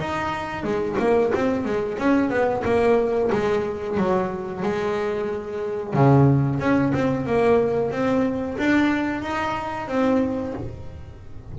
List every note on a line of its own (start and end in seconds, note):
0.00 0.64 D#4
0.64 0.97 G#3
1.00 1.32 A#3
1.35 1.65 C4
1.65 1.98 G#3
1.98 2.30 C#4
2.30 2.63 B3
2.65 3.31 A#3
3.32 3.98 G#3
3.98 4.63 F#3
4.63 5.94 G#3
5.94 6.60 C#3
6.60 6.93 C#4
6.94 7.26 C4
7.26 7.92 A#3
7.92 8.57 C4
8.58 9.22 D4
9.22 9.88 D#4
9.88 10.54 C4